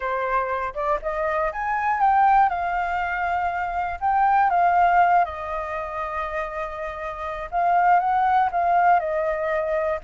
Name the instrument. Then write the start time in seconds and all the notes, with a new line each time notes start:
flute
0.00 C5
0.74 D5
1.02 D#5
1.52 G#5
2.00 G5
2.49 F5
4.00 G5
4.50 F5
5.24 D#5
7.51 F5
7.99 F#5
8.51 F5
8.99 D#5